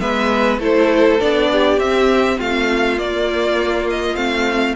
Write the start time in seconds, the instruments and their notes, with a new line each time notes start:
0.00 cello G#3, viola B3, violin B4 E5
0.59 cello A3, viola E4, violin A4 C5
1.20 cello B3, viola D4, violin D5
1.51 violin G4
1.78 cello C4, viola C4, violin E5
2.37 cello A3, violin F4 F5
2.98 viola A#3, cello A#3, violin D5
3.90 violin D#5
4.15 cello A3, viola C4, violin F5